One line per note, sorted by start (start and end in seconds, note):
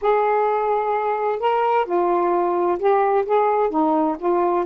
0.01 1.39 G#4
1.39 1.85 A#4
1.85 2.78 F4
2.78 3.25 G4
3.25 3.70 G#4
3.70 4.16 D#4
4.19 4.65 F4